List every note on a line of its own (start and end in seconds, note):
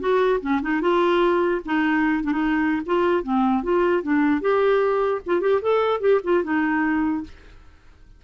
0.00 0.40 F#4
0.41 0.61 C#4
0.62 0.81 D#4
0.81 1.61 F4
1.65 2.24 D#4
2.24 2.32 D4
2.32 2.82 D#4
2.86 3.24 F4
3.24 3.63 C4
3.63 4.03 F4
4.03 4.41 D4
4.41 5.21 G4
5.26 5.41 F4
5.41 5.61 G4
5.62 6.01 A4
6.01 6.21 G4
6.24 6.44 F4
6.44 7.24 D#4